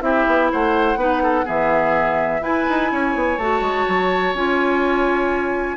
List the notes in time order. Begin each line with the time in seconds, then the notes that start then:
0.00 C4 E4 G4 E5
0.27 B3
0.52 A3 C5 F#5
0.95 B3 D#4 B4
1.22 A4
1.44 E3 B3 G#4 E5
2.41 E4 B4 G#5
2.69 D#4
2.92 C#4 C#5
3.15 B3
3.37 A3 F#4 A5
3.60 G#3
3.88 F#3
4.33 C#4 F4 G#5